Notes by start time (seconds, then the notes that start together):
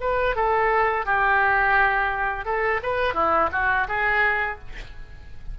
0.00 B4
0.35 A4
1.05 G4
2.45 A4
2.82 B4
3.14 E4
3.52 F#4
3.88 G#4